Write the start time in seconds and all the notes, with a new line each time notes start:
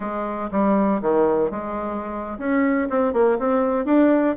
0.00 G#3
0.51 G3
1.01 D#3
1.50 G#3
2.38 C#4
2.89 C4
3.12 A#3
3.38 C4
3.85 D4